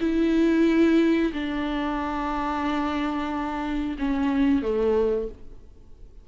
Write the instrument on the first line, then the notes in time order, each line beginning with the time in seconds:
viola
0.00 E4
1.33 D4
3.98 C#4
4.62 A3